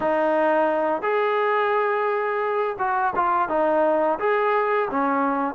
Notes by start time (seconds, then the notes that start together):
0.00 D#4
1.01 G#4
2.78 F#4
3.15 F4
3.49 D#4
4.19 G#4
4.90 C#4